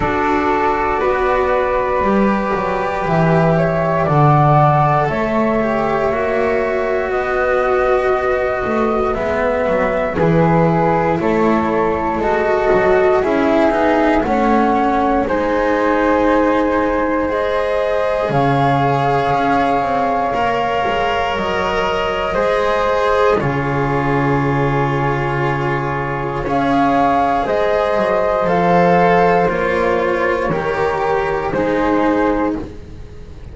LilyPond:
<<
  \new Staff \with { instrumentName = "flute" } { \time 4/4 \tempo 4 = 59 d''2. e''4 | fis''4 e''2 dis''4~ | dis''4 e''4 b'4 cis''4 | dis''4 e''4 fis''4 gis''4~ |
gis''4 dis''4 f''2~ | f''4 dis''2 cis''4~ | cis''2 f''4 dis''4 | f''4 cis''2 c''4 | }
  \new Staff \with { instrumentName = "flute" } { \time 4/4 a'4 b'2~ b'8 cis''8 | d''4 cis''2 b'4~ | b'2 gis'4 a'4~ | a'4 gis'4 cis''4 c''4~ |
c''2 cis''2~ | cis''2 c''4 gis'4~ | gis'2 cis''4 c''4~ | c''2 ais'4 gis'4 | }
  \new Staff \with { instrumentName = "cello" } { \time 4/4 fis'2 g'2 | a'4. g'8 fis'2~ | fis'4 b4 e'2 | fis'4 e'8 dis'8 cis'4 dis'4~ |
dis'4 gis'2. | ais'2 gis'4 f'4~ | f'2 gis'2 | a'4 f'4 g'4 dis'4 | }
  \new Staff \with { instrumentName = "double bass" } { \time 4/4 d'4 b4 g8 fis8 e4 | d4 a4 ais4 b4~ | b8 a8 gis8 fis8 e4 a4 | gis8 fis8 cis'8 b8 a4 gis4~ |
gis2 cis4 cis'8 c'8 | ais8 gis8 fis4 gis4 cis4~ | cis2 cis'4 gis8 fis8 | f4 ais4 dis4 gis4 | }
>>